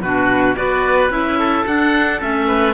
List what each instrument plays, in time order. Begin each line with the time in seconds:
0.00 cello B2, clarinet D4, oboe F#4 B4
0.56 cello B3, clarinet F#4, oboe B4 D5
1.10 cello C#4, clarinet E4, oboe E5
1.39 oboe A4
1.66 clarinet D4, cello D4, oboe F#5
2.20 cello A3, clarinet C#4, oboe E5
2.47 oboe B4